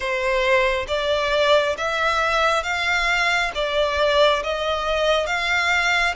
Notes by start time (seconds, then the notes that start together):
0.00 C5
0.87 D5
1.77 E5
2.63 F5
3.54 D5
4.43 D#5
5.26 F5